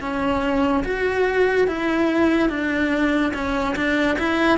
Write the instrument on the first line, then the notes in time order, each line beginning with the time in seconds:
cello
0.00 C#4
0.84 F#4
1.67 E4
2.49 D4
3.33 C#4
3.76 D4
4.19 E4